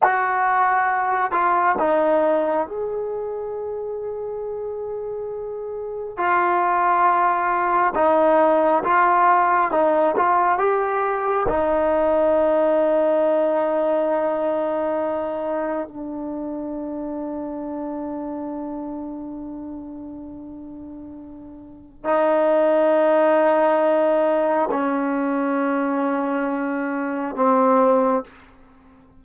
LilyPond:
\new Staff \with { instrumentName = "trombone" } { \time 4/4 \tempo 4 = 68 fis'4. f'8 dis'4 gis'4~ | gis'2. f'4~ | f'4 dis'4 f'4 dis'8 f'8 | g'4 dis'2.~ |
dis'2 d'2~ | d'1~ | d'4 dis'2. | cis'2. c'4 | }